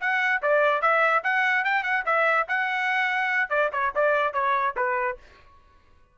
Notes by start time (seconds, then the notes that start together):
0.00 F#5
0.41 D5
0.81 E5
1.23 F#5
1.64 G5
1.83 F#5
2.05 E5
2.48 F#5
3.49 D5
3.72 C#5
3.95 D5
4.33 C#5
4.76 B4